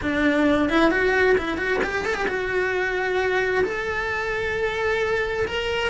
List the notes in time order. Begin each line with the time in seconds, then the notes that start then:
0.01 D4
0.69 E4
0.90 F#4
1.37 E4
1.57 F#4
1.83 G4
2.05 A4
2.14 G4
2.27 F#4
3.64 A4
5.47 A#4